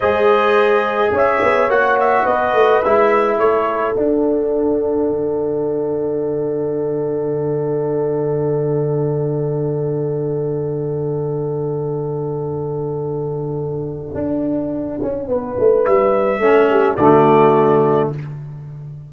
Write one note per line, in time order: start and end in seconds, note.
0.00 1.11 G#3
0.00 1.69 G#4
0.00 1.10 C5
0.00 1.13 D#5
1.11 1.40 C#4
1.11 2.23 C#5
1.11 1.70 E5
1.42 1.68 B3
1.68 2.25 A#3
1.68 2.83 F#4
1.68 1.98 F#5
2.00 2.26 E5
2.23 2.53 B3
2.23 3.36 B4
2.23 2.82 D#5
2.53 2.81 A3
2.82 3.40 G#3
2.82 3.96 E4
2.82 3.39 E5
3.37 3.96 A3
3.37 15.25 A4
3.37 3.95 C#5
3.95 16.41 D4
3.95 5.09 D4
3.95 15.84 F#5
5.09 14.14 D3
14.14 14.99 D4
15.02 15.27 C#4
15.27 15.56 B3
15.27 16.41 B4
15.59 15.86 A3
15.85 16.38 G3
15.85 16.96 E5
16.38 16.95 A3
16.38 16.98 C#4
16.38 16.70 A4
16.70 16.96 G4
16.96 18.10 D3
16.96 18.12 A3
16.96 18.10 F#4
16.96 18.09 D5